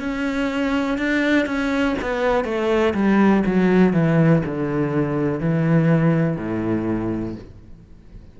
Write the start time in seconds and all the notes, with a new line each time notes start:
0.00 C#4
0.98 D4
1.46 C#4
2.02 B3
2.45 A3
2.94 G3
3.46 F#3
3.93 E3
4.45 D3
5.41 E3
6.37 A2